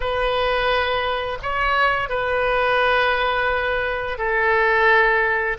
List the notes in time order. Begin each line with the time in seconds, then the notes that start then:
0.00 B4
1.42 C#5
2.09 B4
4.18 A4